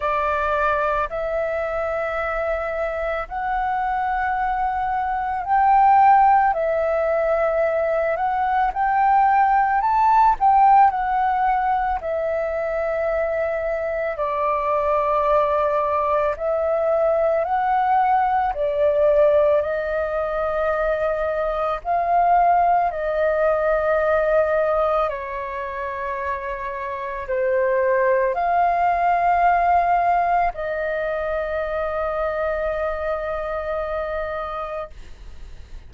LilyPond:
\new Staff \with { instrumentName = "flute" } { \time 4/4 \tempo 4 = 55 d''4 e''2 fis''4~ | fis''4 g''4 e''4. fis''8 | g''4 a''8 g''8 fis''4 e''4~ | e''4 d''2 e''4 |
fis''4 d''4 dis''2 | f''4 dis''2 cis''4~ | cis''4 c''4 f''2 | dis''1 | }